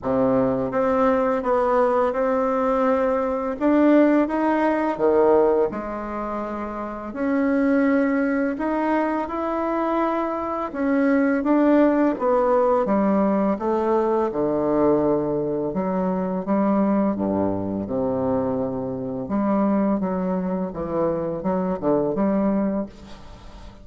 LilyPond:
\new Staff \with { instrumentName = "bassoon" } { \time 4/4 \tempo 4 = 84 c4 c'4 b4 c'4~ | c'4 d'4 dis'4 dis4 | gis2 cis'2 | dis'4 e'2 cis'4 |
d'4 b4 g4 a4 | d2 fis4 g4 | g,4 c2 g4 | fis4 e4 fis8 d8 g4 | }